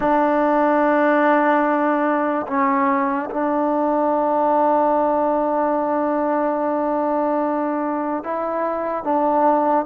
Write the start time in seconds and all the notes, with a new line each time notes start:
0.00 D4
2.47 C#4
3.30 D4
8.23 E4
9.04 D4